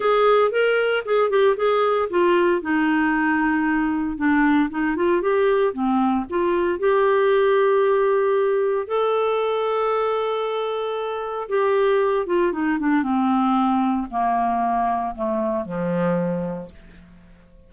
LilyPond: \new Staff \with { instrumentName = "clarinet" } { \time 4/4 \tempo 4 = 115 gis'4 ais'4 gis'8 g'8 gis'4 | f'4 dis'2. | d'4 dis'8 f'8 g'4 c'4 | f'4 g'2.~ |
g'4 a'2.~ | a'2 g'4. f'8 | dis'8 d'8 c'2 ais4~ | ais4 a4 f2 | }